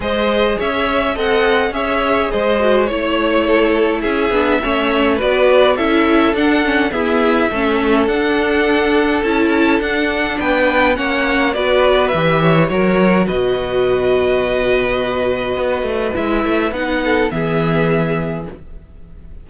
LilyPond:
<<
  \new Staff \with { instrumentName = "violin" } { \time 4/4 \tempo 4 = 104 dis''4 e''4 fis''4 e''4 | dis''4 cis''2 e''4~ | e''4 d''4 e''4 fis''4 | e''2 fis''2 |
a''4 fis''4 g''4 fis''4 | d''4 e''4 cis''4 dis''4~ | dis''1 | e''4 fis''4 e''2 | }
  \new Staff \with { instrumentName = "violin" } { \time 4/4 c''4 cis''4 dis''4 cis''4 | c''4 cis''4 a'4 gis'4 | cis''4 b'4 a'2 | gis'4 a'2.~ |
a'2 b'4 cis''4 | b'4. cis''8 ais'4 b'4~ | b'1~ | b'4. a'8 gis'2 | }
  \new Staff \with { instrumentName = "viola" } { \time 4/4 gis'2 a'4 gis'4~ | gis'8 fis'8 e'2~ e'8 d'8 | cis'4 fis'4 e'4 d'8 cis'8 | b4 cis'4 d'2 |
e'4 d'2 cis'4 | fis'4 g'4 fis'2~ | fis'1 | e'4 dis'4 b2 | }
  \new Staff \with { instrumentName = "cello" } { \time 4/4 gis4 cis'4 c'4 cis'4 | gis4 a2 cis'8 b8 | a4 b4 cis'4 d'4 | e'4 a4 d'2 |
cis'4 d'4 b4 ais4 | b4 e4 fis4 b,4~ | b,2. b8 a8 | gis8 a8 b4 e2 | }
>>